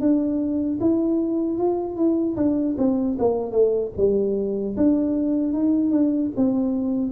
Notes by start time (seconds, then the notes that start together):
0.00 D4
0.80 E4
1.58 F4
1.96 E4
2.36 D4
2.77 C4
3.18 A#3
3.51 A3
3.97 G3
4.77 D4
5.53 D#4
5.91 D4
6.36 C4